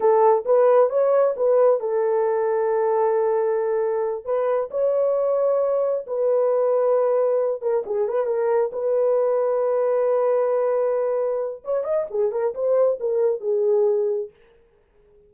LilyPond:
\new Staff \with { instrumentName = "horn" } { \time 4/4 \tempo 4 = 134 a'4 b'4 cis''4 b'4 | a'1~ | a'4. b'4 cis''4.~ | cis''4. b'2~ b'8~ |
b'4 ais'8 gis'8 b'8 ais'4 b'8~ | b'1~ | b'2 cis''8 dis''8 gis'8 ais'8 | c''4 ais'4 gis'2 | }